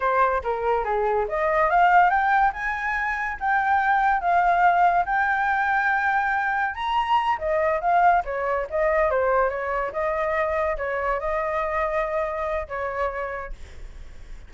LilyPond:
\new Staff \with { instrumentName = "flute" } { \time 4/4 \tempo 4 = 142 c''4 ais'4 gis'4 dis''4 | f''4 g''4 gis''2 | g''2 f''2 | g''1 |
ais''4. dis''4 f''4 cis''8~ | cis''8 dis''4 c''4 cis''4 dis''8~ | dis''4. cis''4 dis''4.~ | dis''2 cis''2 | }